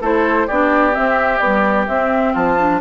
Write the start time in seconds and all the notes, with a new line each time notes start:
0.00 A3 E4 A4 C5
0.46 B3 D4 G4 D5
0.92 C4 E5
1.38 G3 B3 D5
1.87 C4 E5
2.32 F3 F4 A5
2.58 D4